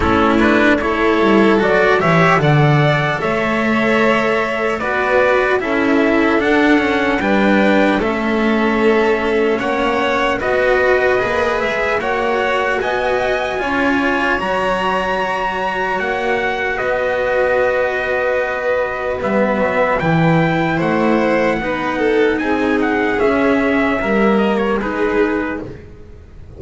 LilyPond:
<<
  \new Staff \with { instrumentName = "trumpet" } { \time 4/4 \tempo 4 = 75 a'8 b'8 cis''4 d''8 e''8 fis''4 | e''2 d''4 e''4 | fis''4 g''4 e''2 | fis''4 dis''4. e''8 fis''4 |
gis''2 ais''2 | fis''4 dis''2. | e''4 g''4 fis''2 | gis''8 fis''8 e''4. dis''16 cis''16 b'4 | }
  \new Staff \with { instrumentName = "violin" } { \time 4/4 e'4 a'4. cis''8 d''4 | cis''2 b'4 a'4~ | a'4 b'4 a'2 | cis''4 b'2 cis''4 |
dis''4 cis''2.~ | cis''4 b'2.~ | b'2 c''4 b'8 a'8 | gis'2 ais'4 gis'4 | }
  \new Staff \with { instrumentName = "cello" } { \time 4/4 cis'8 d'8 e'4 fis'8 g'8 a'4~ | a'2 fis'4 e'4 | d'8 cis'8 d'4 cis'2~ | cis'4 fis'4 gis'4 fis'4~ |
fis'4 f'4 fis'2~ | fis'1 | b4 e'2 dis'4~ | dis'4 cis'4 ais4 dis'4 | }
  \new Staff \with { instrumentName = "double bass" } { \time 4/4 a4. g8 fis8 e8 d4 | a2 b4 cis'4 | d'4 g4 a2 | ais4 b4 ais8 gis8 ais4 |
b4 cis'4 fis2 | ais4 b2. | g8 fis8 e4 a4 b4 | c'4 cis'4 g4 gis4 | }
>>